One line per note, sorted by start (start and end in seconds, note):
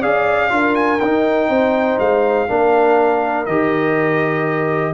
0.00 0.51 C#4
0.00 0.49 G#4
0.00 0.49 D5
0.00 0.75 F5
0.49 1.00 D4
0.49 0.99 F4
0.49 1.48 A#4
0.75 1.00 G#5
1.00 1.49 D#4
1.00 2.48 D#4
1.00 1.98 G5
1.48 1.98 C4
1.48 2.47 C5
1.99 2.48 G#3
1.99 3.45 F5
2.48 3.46 A#3
2.48 3.46 D4
2.48 4.94 A#4
3.45 4.94 D#3
3.45 4.94 G4
3.45 4.93 D#5